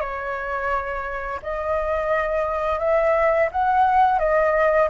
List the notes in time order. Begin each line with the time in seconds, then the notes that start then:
0.00 C#5
1.42 D#5
2.79 E5
3.51 F#5
4.19 D#5